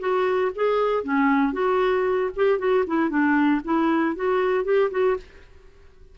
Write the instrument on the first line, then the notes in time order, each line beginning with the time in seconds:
clarinet
0.00 F#4
0.55 G#4
1.04 C#4
1.53 F#4
2.36 G4
2.59 F#4
2.87 E4
3.10 D4
3.64 E4
4.16 F#4
4.65 G4
4.91 F#4